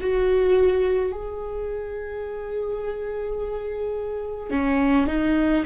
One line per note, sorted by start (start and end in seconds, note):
0.00 1.12 F#4
1.12 4.50 G#4
4.50 5.07 C#4
5.07 5.63 D#4